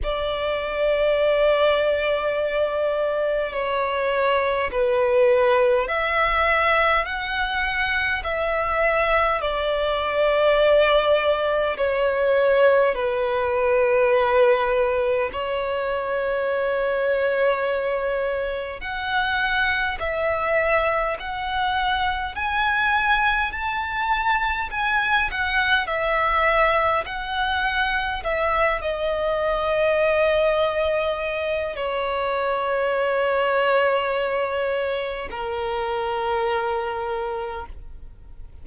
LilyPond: \new Staff \with { instrumentName = "violin" } { \time 4/4 \tempo 4 = 51 d''2. cis''4 | b'4 e''4 fis''4 e''4 | d''2 cis''4 b'4~ | b'4 cis''2. |
fis''4 e''4 fis''4 gis''4 | a''4 gis''8 fis''8 e''4 fis''4 | e''8 dis''2~ dis''8 cis''4~ | cis''2 ais'2 | }